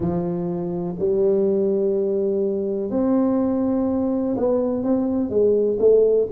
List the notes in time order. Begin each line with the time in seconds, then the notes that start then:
0.00 F3
0.99 G3
2.90 C4
4.36 B3
4.83 C4
5.29 G#3
5.79 A3